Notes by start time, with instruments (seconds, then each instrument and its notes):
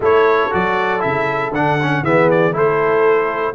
0.00 tuba A3, trombone E4, horn A4, trumpet C#5
0.51 tuba F#3, trombone F#4, trumpet D5
0.99 tuba C#3, trombone E4, trumpet E5
1.51 tuba D3, trombone D4, trumpet F#5
1.81 trombone C#4
2.02 tuba E3, trombone B3, horn G#4, trumpet E5
2.30 trumpet D5
2.51 tuba A3, trombone E4, horn A4, trumpet C5